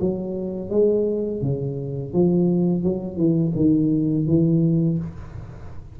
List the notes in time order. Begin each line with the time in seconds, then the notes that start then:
0.00 F#3
0.70 G#3
1.41 C#3
2.13 F3
2.83 F#3
3.17 E3
3.55 D#3
4.27 E3